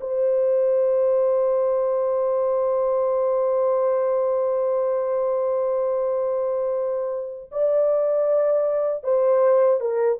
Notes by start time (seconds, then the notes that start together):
0.00 C5
7.51 D5
9.03 C5
9.80 A#4